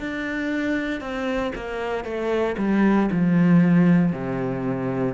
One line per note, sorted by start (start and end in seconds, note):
0.00 1.01 D4
1.01 1.53 C4
1.55 2.05 A#3
2.05 2.56 A3
2.58 3.10 G3
3.12 4.13 F3
4.13 5.14 C3